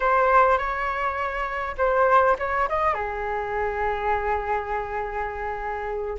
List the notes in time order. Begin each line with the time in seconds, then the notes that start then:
0.00 C5
0.57 C#5
1.77 C5
2.39 C#5
2.68 D#5
2.94 G#4